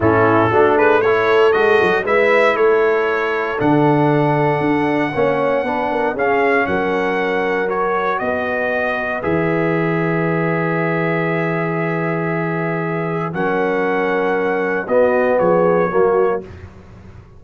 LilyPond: <<
  \new Staff \with { instrumentName = "trumpet" } { \time 4/4 \tempo 4 = 117 a'4. b'8 cis''4 dis''4 | e''4 cis''2 fis''4~ | fis''1 | f''4 fis''2 cis''4 |
dis''2 e''2~ | e''1~ | e''2 fis''2~ | fis''4 dis''4 cis''2 | }
  \new Staff \with { instrumentName = "horn" } { \time 4/4 e'4 fis'8 gis'8 a'2 | b'4 a'2.~ | a'2 cis''4 b'8 ais'8 | gis'4 ais'2. |
b'1~ | b'1~ | b'2 ais'2~ | ais'4 fis'4 gis'4 fis'4 | }
  \new Staff \with { instrumentName = "trombone" } { \time 4/4 cis'4 d'4 e'4 fis'4 | e'2. d'4~ | d'2 cis'4 d'4 | cis'2. fis'4~ |
fis'2 gis'2~ | gis'1~ | gis'2 cis'2~ | cis'4 b2 ais4 | }
  \new Staff \with { instrumentName = "tuba" } { \time 4/4 a,4 a2 gis8 fis8 | gis4 a2 d4~ | d4 d'4 ais4 b4 | cis'4 fis2. |
b2 e2~ | e1~ | e2 fis2~ | fis4 b4 f4 fis4 | }
>>